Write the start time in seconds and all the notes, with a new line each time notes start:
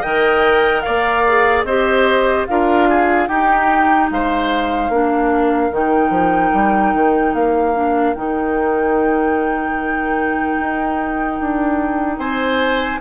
0.00 D#3 A#4 D#5 G5
0.81 A#3 D5 F5
1.27 G#4
1.63 C4 G4 C5 D#5
2.46 D4 F4 A#4 F5
2.89 G#4
3.27 D#4 G4 G5
4.10 G#3 C5 F5
4.89 A#3 D4 A#4
5.71 D#3 D#4 G5
6.09 F3
6.53 G3
6.93 D#3
7.33 A#3 F5
7.74 D4
8.14 D#3 D#4 G5
10.59 D#4
11.39 D4
12.18 C4 C5 G#5